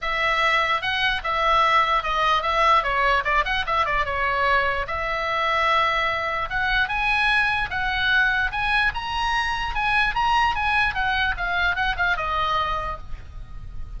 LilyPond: \new Staff \with { instrumentName = "oboe" } { \time 4/4 \tempo 4 = 148 e''2 fis''4 e''4~ | e''4 dis''4 e''4 cis''4 | d''8 fis''8 e''8 d''8 cis''2 | e''1 |
fis''4 gis''2 fis''4~ | fis''4 gis''4 ais''2 | gis''4 ais''4 gis''4 fis''4 | f''4 fis''8 f''8 dis''2 | }